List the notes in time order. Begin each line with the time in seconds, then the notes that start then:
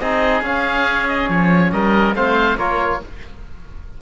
0.00 C4 D#4 G#4 D#5
0.42 C#4 F5
1.08 D#5
1.29 F3 C#5
1.72 G3 A#4 D#5
2.14 A3 C4 C5 F5
2.58 A#3 F4 A#4 C#5